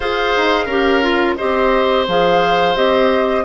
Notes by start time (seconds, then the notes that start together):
0.00 F4 G#4 C5 F5
0.36 D#4
0.65 C#4 G4 A#4
1.02 F4
1.36 C4 G4 C5 D#5
2.07 F3 G#4 F5
2.75 C4 G4 D#5